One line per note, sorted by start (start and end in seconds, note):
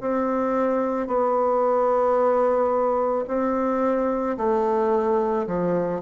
0.00 1.07 C4
1.07 3.25 B3
3.27 4.36 C4
4.37 5.46 A3
5.47 6.01 F3